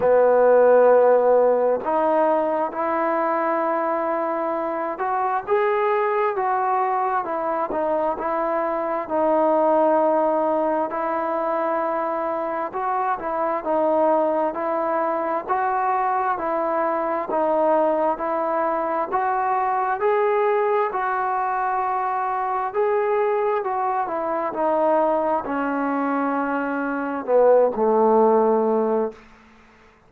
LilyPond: \new Staff \with { instrumentName = "trombone" } { \time 4/4 \tempo 4 = 66 b2 dis'4 e'4~ | e'4. fis'8 gis'4 fis'4 | e'8 dis'8 e'4 dis'2 | e'2 fis'8 e'8 dis'4 |
e'4 fis'4 e'4 dis'4 | e'4 fis'4 gis'4 fis'4~ | fis'4 gis'4 fis'8 e'8 dis'4 | cis'2 b8 a4. | }